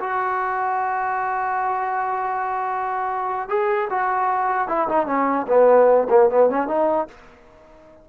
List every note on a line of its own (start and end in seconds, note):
0.00 3.49 F#4
3.49 3.89 G#4
3.90 4.68 F#4
4.68 4.88 E4
4.88 5.07 D#4
5.07 5.47 C#4
5.48 6.08 B3
6.10 6.30 A#3
6.30 6.50 B3
6.50 6.68 C#4
6.68 7.08 D#4